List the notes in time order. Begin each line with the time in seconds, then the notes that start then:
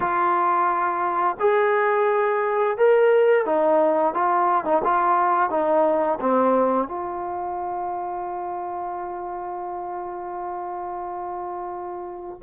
0.00 F4
1.39 G#4
2.77 A#4
3.45 D#4
4.13 F4
4.64 D#4
4.84 F4
5.50 D#4
6.20 C4
6.88 F4